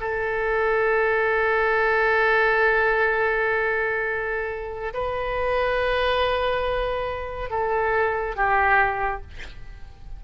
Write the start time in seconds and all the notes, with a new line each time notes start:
0.00 A4
4.93 B4
7.50 A4
8.36 G4